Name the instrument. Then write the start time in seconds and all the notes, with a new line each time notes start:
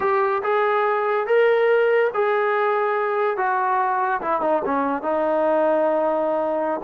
trombone
0.00 G4
0.43 G#4
1.26 A#4
2.14 G#4
3.37 F#4
4.21 E4
4.41 D#4
4.65 C#4
5.02 D#4